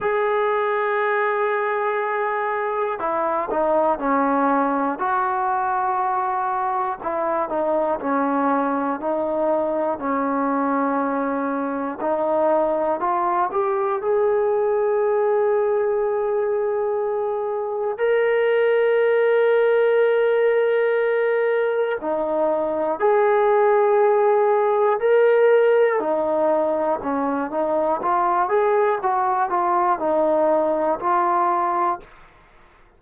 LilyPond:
\new Staff \with { instrumentName = "trombone" } { \time 4/4 \tempo 4 = 60 gis'2. e'8 dis'8 | cis'4 fis'2 e'8 dis'8 | cis'4 dis'4 cis'2 | dis'4 f'8 g'8 gis'2~ |
gis'2 ais'2~ | ais'2 dis'4 gis'4~ | gis'4 ais'4 dis'4 cis'8 dis'8 | f'8 gis'8 fis'8 f'8 dis'4 f'4 | }